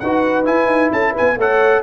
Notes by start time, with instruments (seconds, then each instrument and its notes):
0.00 tuba D#4, trombone F#4, horn B4, trumpet F#5
0.45 trombone E4, tuba E4, trumpet G#5
0.67 tuba D#4
0.93 tuba C#4, horn A4, trumpet A5
1.11 horn B4
1.18 tuba B3, trumpet G#5
1.37 tuba A3, trombone A4, horn C#5, trumpet F#5